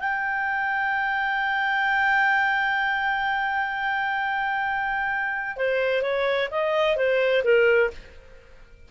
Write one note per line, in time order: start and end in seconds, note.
0.00 5.57 G5
5.57 6.03 C5
6.03 6.49 C#5
6.51 6.97 D#5
6.97 7.43 C5
7.44 7.91 A#4